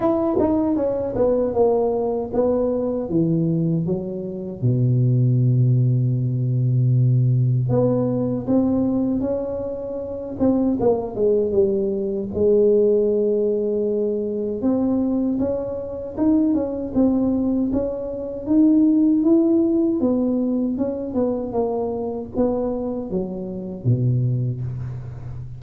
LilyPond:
\new Staff \with { instrumentName = "tuba" } { \time 4/4 \tempo 4 = 78 e'8 dis'8 cis'8 b8 ais4 b4 | e4 fis4 b,2~ | b,2 b4 c'4 | cis'4. c'8 ais8 gis8 g4 |
gis2. c'4 | cis'4 dis'8 cis'8 c'4 cis'4 | dis'4 e'4 b4 cis'8 b8 | ais4 b4 fis4 b,4 | }